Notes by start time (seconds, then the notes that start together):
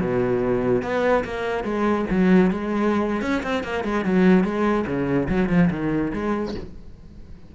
0.00 B2
0.82 B3
1.24 A#3
1.63 G#3
2.10 F#3
2.50 G#3
3.21 C#4
3.43 C4
3.63 A#3
3.84 G#3
4.04 F#3
4.44 G#3
4.86 C#3
5.28 F#3
5.49 F3
5.70 D#3
6.13 G#3